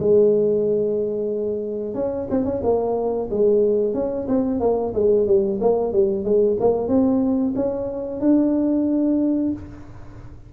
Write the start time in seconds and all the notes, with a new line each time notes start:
0.00 G#3
1.95 C#4
2.31 C4
2.45 C#4
2.63 A#3
3.31 G#3
3.94 C#4
4.29 C4
4.60 A#3
4.95 G#3
5.27 G3
5.61 A#3
5.93 G3
6.25 G#3
6.60 A#3
6.88 C4
7.56 C#4
8.21 D4